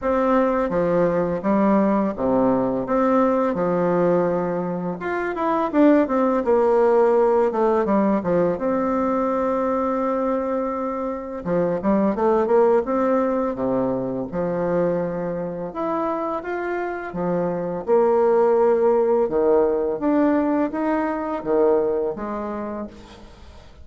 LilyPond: \new Staff \with { instrumentName = "bassoon" } { \time 4/4 \tempo 4 = 84 c'4 f4 g4 c4 | c'4 f2 f'8 e'8 | d'8 c'8 ais4. a8 g8 f8 | c'1 |
f8 g8 a8 ais8 c'4 c4 | f2 e'4 f'4 | f4 ais2 dis4 | d'4 dis'4 dis4 gis4 | }